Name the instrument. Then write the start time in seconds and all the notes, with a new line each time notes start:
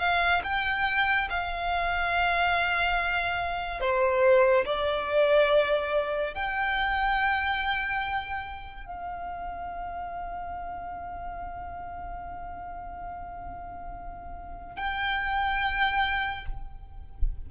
violin
0.00 F5
0.44 G5
1.30 F5
3.81 C5
4.66 D5
6.35 G5
8.87 F5
14.77 G5